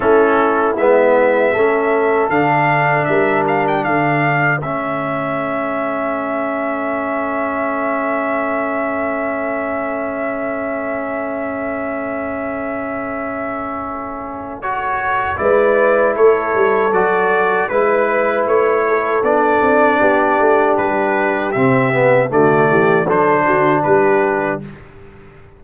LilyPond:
<<
  \new Staff \with { instrumentName = "trumpet" } { \time 4/4 \tempo 4 = 78 a'4 e''2 f''4 | e''8 f''16 g''16 f''4 e''2~ | e''1~ | e''1~ |
e''2. cis''4 | d''4 cis''4 d''4 b'4 | cis''4 d''2 b'4 | e''4 d''4 c''4 b'4 | }
  \new Staff \with { instrumentName = "horn" } { \time 4/4 e'2 a'2 | ais'4 a'2.~ | a'1~ | a'1~ |
a'1 | b'4 a'2 b'4~ | b'8 a'4. g'2~ | g'4 fis'8 g'8 a'8 fis'8 g'4 | }
  \new Staff \with { instrumentName = "trombone" } { \time 4/4 cis'4 b4 cis'4 d'4~ | d'2 cis'2~ | cis'1~ | cis'1~ |
cis'2. fis'4 | e'2 fis'4 e'4~ | e'4 d'2. | c'8 b8 a4 d'2 | }
  \new Staff \with { instrumentName = "tuba" } { \time 4/4 a4 gis4 a4 d4 | g4 d4 a2~ | a1~ | a1~ |
a1 | gis4 a8 g8 fis4 gis4 | a4 b8 c'8 b8 a8 g4 | c4 d8 e8 fis8 d8 g4 | }
>>